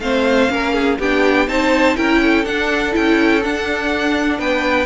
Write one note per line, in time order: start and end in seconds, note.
0.00 0.49 A3
0.00 0.49 C4
0.00 0.51 C5
0.00 0.98 F5
0.49 0.98 A#3
0.49 0.98 C#4
0.49 0.73 A#4
0.73 0.98 G#4
0.98 1.48 B3
0.98 1.48 D4
0.98 1.47 G4
0.98 1.48 G5
1.48 1.96 C4
1.48 1.96 D#4
1.48 1.97 C5
1.48 1.96 A5
1.96 2.45 C#4
1.96 2.44 E4
1.96 2.21 A#4
1.96 2.45 G5
2.22 4.39 A4
2.45 2.94 D4
2.45 2.92 D4
2.45 2.94 F#5
2.92 3.45 C#4
2.92 3.40 E4
2.92 3.43 G5
3.43 4.86 D4
3.43 4.38 D4
3.43 4.39 F#5
4.38 4.86 B3
4.38 4.86 B4
4.38 4.86 G5